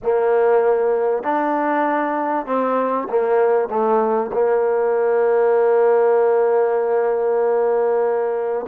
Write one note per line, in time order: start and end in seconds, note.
0.03 1.23 A#3
1.23 2.46 D4
2.46 3.08 C4
3.09 3.69 A#3
3.69 4.30 A3
4.33 8.66 A#3